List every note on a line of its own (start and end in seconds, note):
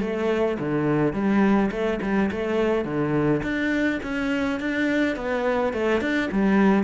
0.00 0.57 A3
0.59 1.13 D3
1.13 1.70 G3
1.71 1.99 A3
2.01 2.30 G3
2.31 2.84 A3
2.84 3.41 D3
3.42 3.99 D4
4.03 4.60 C#4
4.60 5.16 D4
5.16 5.73 B3
5.73 6.00 A3
6.00 6.29 D4
6.31 6.83 G3